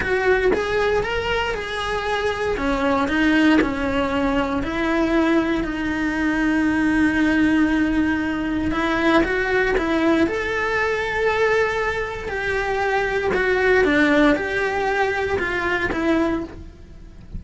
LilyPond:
\new Staff \with { instrumentName = "cello" } { \time 4/4 \tempo 4 = 117 fis'4 gis'4 ais'4 gis'4~ | gis'4 cis'4 dis'4 cis'4~ | cis'4 e'2 dis'4~ | dis'1~ |
dis'4 e'4 fis'4 e'4 | a'1 | g'2 fis'4 d'4 | g'2 f'4 e'4 | }